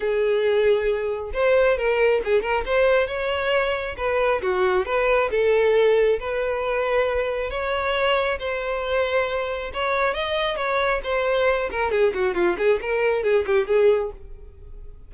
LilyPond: \new Staff \with { instrumentName = "violin" } { \time 4/4 \tempo 4 = 136 gis'2. c''4 | ais'4 gis'8 ais'8 c''4 cis''4~ | cis''4 b'4 fis'4 b'4 | a'2 b'2~ |
b'4 cis''2 c''4~ | c''2 cis''4 dis''4 | cis''4 c''4. ais'8 gis'8 fis'8 | f'8 gis'8 ais'4 gis'8 g'8 gis'4 | }